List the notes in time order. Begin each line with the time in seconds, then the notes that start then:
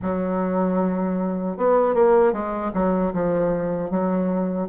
0.02 F#3
1.57 B3
1.94 A#3
2.32 G#3
2.73 F#3
3.13 F3
3.90 F#3